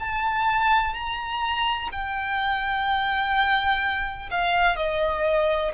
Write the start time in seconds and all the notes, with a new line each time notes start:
0.00 A5
0.94 A#5
1.92 G5
4.31 F5
4.77 D#5